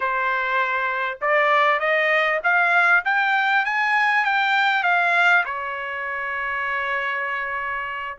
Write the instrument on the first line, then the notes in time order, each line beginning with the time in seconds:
trumpet
0.00 C5
1.21 D5
1.79 D#5
2.43 F5
3.05 G5
3.65 G#5
4.25 G5
4.83 F5
5.45 C#5